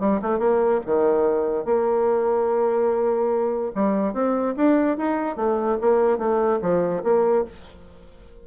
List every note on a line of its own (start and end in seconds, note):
0.00 0.21 G3
0.22 0.39 A3
0.39 0.81 A#3
0.86 1.65 D#3
1.65 3.72 A#3
3.75 4.14 G3
4.14 4.55 C4
4.57 4.98 D4
4.98 5.36 D#4
5.36 5.78 A3
5.81 6.18 A#3
6.18 6.60 A3
6.62 7.03 F3
7.03 7.45 A#3